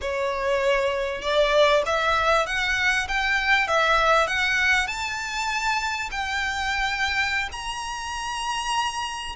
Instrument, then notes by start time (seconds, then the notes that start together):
violin
0.01 C#5
1.21 D5
1.86 E5
2.46 F#5
3.08 G5
3.67 E5
4.27 F#5
4.87 A5
6.11 G5
7.52 A#5